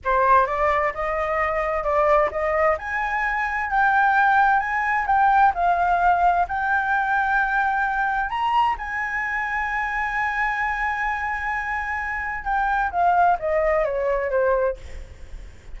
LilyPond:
\new Staff \with { instrumentName = "flute" } { \time 4/4 \tempo 4 = 130 c''4 d''4 dis''2 | d''4 dis''4 gis''2 | g''2 gis''4 g''4 | f''2 g''2~ |
g''2 ais''4 gis''4~ | gis''1~ | gis''2. g''4 | f''4 dis''4 cis''4 c''4 | }